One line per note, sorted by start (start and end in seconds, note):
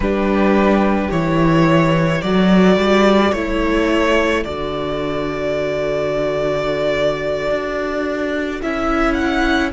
0.00 1.09 G3
0.00 1.11 D4
0.00 2.24 G4
0.00 1.10 B4
1.10 2.22 E3
1.10 2.22 E4
1.10 2.21 C#5
2.21 2.76 F#3
2.21 3.35 F#4
2.21 9.72 A4
2.21 3.32 D5
2.76 3.32 G3
3.32 4.44 A3
3.32 4.46 E4
3.32 4.43 C#5
4.44 7.50 D3
4.44 8.62 F#4
4.44 8.60 D5
7.50 8.61 D4
8.62 9.72 C#4
8.62 9.72 E4
8.62 9.14 E5
9.14 9.69 F#5